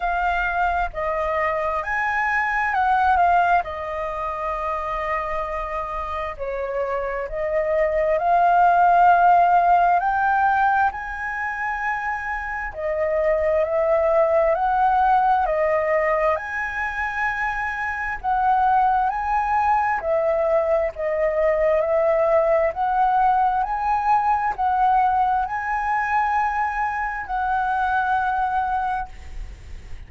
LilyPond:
\new Staff \with { instrumentName = "flute" } { \time 4/4 \tempo 4 = 66 f''4 dis''4 gis''4 fis''8 f''8 | dis''2. cis''4 | dis''4 f''2 g''4 | gis''2 dis''4 e''4 |
fis''4 dis''4 gis''2 | fis''4 gis''4 e''4 dis''4 | e''4 fis''4 gis''4 fis''4 | gis''2 fis''2 | }